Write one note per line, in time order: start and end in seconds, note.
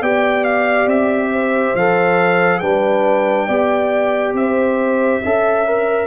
0.00 0.86 B3
0.00 1.77 G4
0.00 1.30 D5
0.00 0.44 G5
0.44 0.87 F5
0.86 1.73 C4
0.86 1.76 E5
1.32 2.61 C5
1.74 2.61 F3
1.74 2.62 A4
1.74 2.59 F5
2.59 3.48 G3
2.59 3.49 D4
2.59 3.46 B4
2.59 4.33 G5
3.46 4.33 B3
3.46 5.23 G4
3.46 4.33 D5
4.33 5.20 C4
4.33 5.22 C5
4.33 6.07 E5
5.22 6.07 C#4
5.22 5.67 A4
5.22 6.07 E5
5.67 6.07 A#4